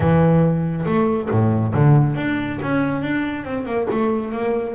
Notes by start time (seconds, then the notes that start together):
0.00 E3
0.85 A3
1.30 A2
1.74 D3
2.16 D4
2.62 C#4
3.02 D4
3.44 C4
3.65 A#3
3.90 A3
4.31 A#3